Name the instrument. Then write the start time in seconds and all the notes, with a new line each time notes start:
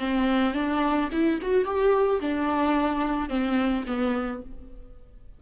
viola
0.00 C4
0.55 D4
1.12 E4
1.42 F#4
1.66 G4
2.21 D4
3.30 C4
3.88 B3